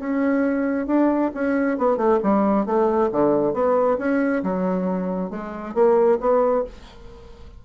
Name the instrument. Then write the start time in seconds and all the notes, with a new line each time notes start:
bassoon
0.00 C#4
0.87 D4
1.35 C#4
1.78 B3
1.97 A3
2.23 G3
2.66 A3
3.12 D3
3.54 B3
3.99 C#4
4.44 F#3
5.31 G#3
5.75 A#3
6.21 B3